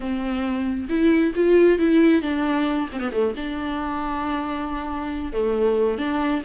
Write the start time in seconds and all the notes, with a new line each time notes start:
0.00 C4
0.89 E4
1.35 F4
1.79 E4
2.21 D4
2.92 C4
3.00 B3
3.12 A3
3.36 D4
5.32 A3
5.98 D4